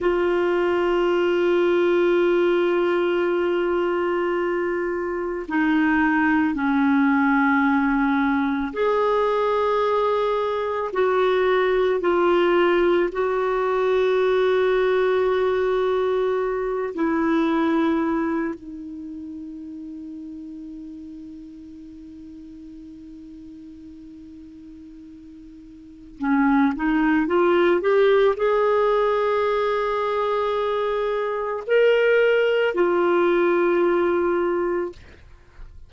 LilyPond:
\new Staff \with { instrumentName = "clarinet" } { \time 4/4 \tempo 4 = 55 f'1~ | f'4 dis'4 cis'2 | gis'2 fis'4 f'4 | fis'2.~ fis'8 e'8~ |
e'4 dis'2.~ | dis'1 | cis'8 dis'8 f'8 g'8 gis'2~ | gis'4 ais'4 f'2 | }